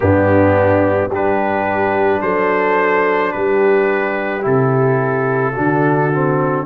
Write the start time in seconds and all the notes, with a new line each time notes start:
0.00 G2 B3 D4 G4
1.09 G3 D4 G4 B4
2.21 F#3 A4 C5
3.32 G3 G4 B4
4.41 C3 E4 A4
5.53 D3 D4 F#4
6.12 C4